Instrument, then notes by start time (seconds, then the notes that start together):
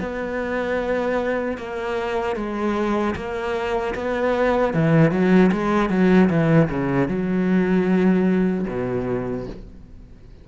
cello
0.00 B3
1.58 A#3
2.36 G#3
3.16 A#3
3.95 B3
4.74 E3
5.11 F#3
5.52 G#3
5.90 F#3
6.30 E3
6.70 C#3
7.08 F#3
8.68 B2